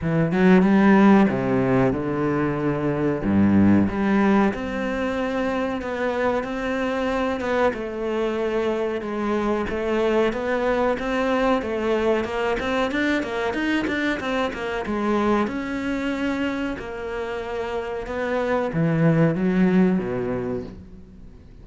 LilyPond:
\new Staff \with { instrumentName = "cello" } { \time 4/4 \tempo 4 = 93 e8 fis8 g4 c4 d4~ | d4 g,4 g4 c'4~ | c'4 b4 c'4. b8 | a2 gis4 a4 |
b4 c'4 a4 ais8 c'8 | d'8 ais8 dis'8 d'8 c'8 ais8 gis4 | cis'2 ais2 | b4 e4 fis4 b,4 | }